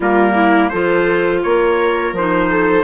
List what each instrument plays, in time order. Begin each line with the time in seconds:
0.00 bassoon G3, clarinet A#3, viola F4, trumpet A#4
0.35 viola E4
0.69 bassoon F3, clarinet F4, viola A4, trumpet C5
1.42 bassoon A#3, viola A#4, trumpet C#5
2.12 bassoon F3, clarinet D#4, trumpet C5
2.50 viola A4